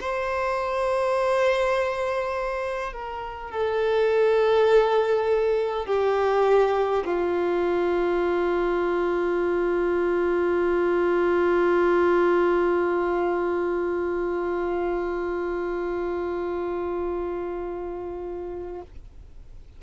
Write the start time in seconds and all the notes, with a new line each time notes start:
0.00 C5
2.93 A#4
3.51 A4
5.86 G4
7.05 F4